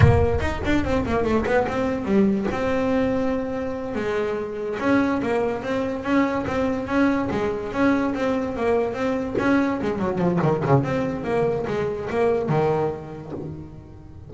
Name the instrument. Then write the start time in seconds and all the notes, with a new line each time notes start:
double bass
0.00 A#3
0.40 D#4
0.65 D4
0.84 C4
1.05 A#3
1.23 A3
1.45 B3
1.68 C4
2.04 G3
2.51 C4
3.95 G#3
4.79 C#4
5.22 A#3
5.62 C4
6.03 C#4
6.47 C4
6.87 C#4
7.30 G#3
7.72 C#4
8.15 C4
8.56 A#3
8.93 C4
9.38 C#4
9.81 G#3
9.98 F#3
10.18 F3
10.42 D#3
10.66 C#3
10.83 C4
11.24 A#3
11.67 G#3
12.09 A#3
12.48 D#3